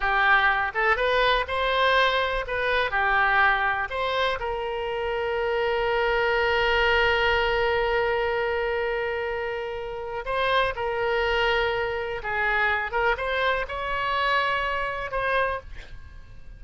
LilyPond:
\new Staff \with { instrumentName = "oboe" } { \time 4/4 \tempo 4 = 123 g'4. a'8 b'4 c''4~ | c''4 b'4 g'2 | c''4 ais'2.~ | ais'1~ |
ais'1~ | ais'4 c''4 ais'2~ | ais'4 gis'4. ais'8 c''4 | cis''2. c''4 | }